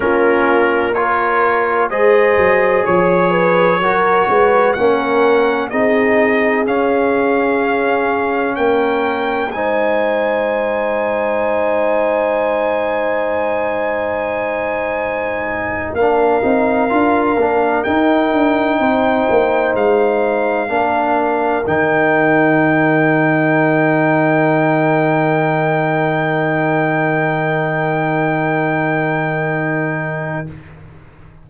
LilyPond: <<
  \new Staff \with { instrumentName = "trumpet" } { \time 4/4 \tempo 4 = 63 ais'4 cis''4 dis''4 cis''4~ | cis''4 fis''4 dis''4 f''4~ | f''4 g''4 gis''2~ | gis''1~ |
gis''8. f''2 g''4~ g''16~ | g''8. f''2 g''4~ g''16~ | g''1~ | g''1 | }
  \new Staff \with { instrumentName = "horn" } { \time 4/4 f'4 ais'4 c''4 cis''8 b'8 | ais'8 b'8 ais'4 gis'2~ | gis'4 ais'4 c''2~ | c''1~ |
c''8. ais'2. c''16~ | c''4.~ c''16 ais'2~ ais'16~ | ais'1~ | ais'1 | }
  \new Staff \with { instrumentName = "trombone" } { \time 4/4 cis'4 f'4 gis'2 | fis'4 cis'4 dis'4 cis'4~ | cis'2 dis'2~ | dis'1~ |
dis'8. d'8 dis'8 f'8 d'8 dis'4~ dis'16~ | dis'4.~ dis'16 d'4 dis'4~ dis'16~ | dis'1~ | dis'1 | }
  \new Staff \with { instrumentName = "tuba" } { \time 4/4 ais2 gis8 fis8 f4 | fis8 gis8 ais4 c'4 cis'4~ | cis'4 ais4 gis2~ | gis1~ |
gis8. ais8 c'8 d'8 ais8 dis'8 d'8 c'16~ | c'16 ais8 gis4 ais4 dis4~ dis16~ | dis1~ | dis1 | }
>>